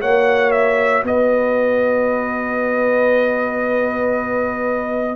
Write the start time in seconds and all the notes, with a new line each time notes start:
0.00 A#3 F#4 C#5 F#5
0.51 E5
1.03 B3 B4 D#5